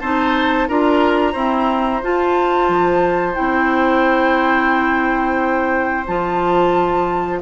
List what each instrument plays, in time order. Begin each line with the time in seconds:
0.00 bassoon C4, clarinet D#4, oboe C5, flute A5
0.68 bassoon D4, clarinet F4, oboe A#4, flute A#5
1.32 clarinet C4, bassoon E4, oboe C5
2.03 clarinet F4, bassoon F4, flute A5
2.69 bassoon F3
3.35 bassoon C4, clarinet E4, flute G5
6.07 bassoon F3, clarinet F4, flute A5